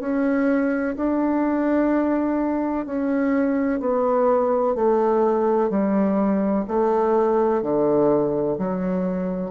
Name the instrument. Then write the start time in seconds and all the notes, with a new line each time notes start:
bassoon
0.00 C#4
0.97 D4
2.86 C#4
3.80 B3
4.75 A3
5.70 G3
6.68 A3
7.62 D3
8.58 F#3